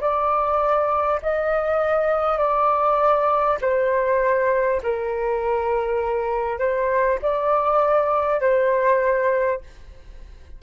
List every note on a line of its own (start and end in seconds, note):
0.00 1.20 D5
1.22 2.38 D#5
2.38 3.58 D5
3.61 4.81 C5
4.83 6.58 A#4
6.58 7.18 C5
7.22 8.40 D5
8.40 9.60 C5